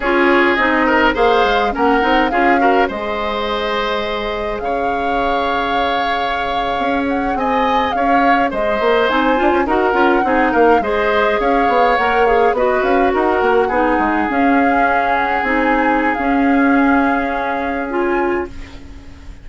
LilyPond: <<
  \new Staff \with { instrumentName = "flute" } { \time 4/4 \tempo 4 = 104 cis''4 dis''4 f''4 fis''4 | f''4 dis''2. | f''1~ | f''16 fis''8 gis''4 f''4 dis''4 gis''16~ |
gis''8. fis''4. f''8 dis''4 f''16~ | f''8. fis''8 f''8 dis''8 f''8 fis''4~ fis''16~ | fis''8. f''4. fis''8 gis''4~ gis''16 | f''2. gis''4 | }
  \new Staff \with { instrumentName = "oboe" } { \time 4/4 gis'4. ais'8 c''4 ais'4 | gis'8 ais'8 c''2. | cis''1~ | cis''8. dis''4 cis''4 c''4~ c''16~ |
c''8. ais'4 gis'8 ais'8 c''4 cis''16~ | cis''4.~ cis''16 b'4 ais'4 gis'16~ | gis'1~ | gis'1 | }
  \new Staff \with { instrumentName = "clarinet" } { \time 4/4 f'4 dis'4 gis'4 cis'8 dis'8 | f'8 fis'8 gis'2.~ | gis'1~ | gis'2.~ gis'8. dis'16~ |
dis'16 f'8 fis'8 f'8 dis'4 gis'4~ gis'16~ | gis'8. ais'8 gis'8 fis'2 dis'16~ | dis'8. cis'2 dis'4~ dis'16 | cis'2. f'4 | }
  \new Staff \with { instrumentName = "bassoon" } { \time 4/4 cis'4 c'4 ais8 gis8 ais8 c'8 | cis'4 gis2. | cis2.~ cis8. cis'16~ | cis'8. c'4 cis'4 gis8 ais8 c'16~ |
c'16 d'16 cis'16 dis'8 cis'8 c'8 ais8 gis4 cis'16~ | cis'16 b8 ais4 b8 cis'8 dis'8 ais8 b16~ | b16 gis8 cis'2 c'4~ c'16 | cis'1 | }
>>